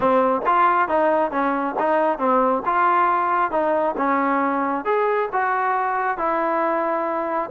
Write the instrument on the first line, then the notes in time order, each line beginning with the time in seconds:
trombone
0.00 C4
0.46 F4
0.88 D#4
1.31 C#4
1.79 D#4
2.18 C4
2.65 F4
3.51 D#4
3.97 C#4
4.84 G#4
5.32 F#4
6.17 E4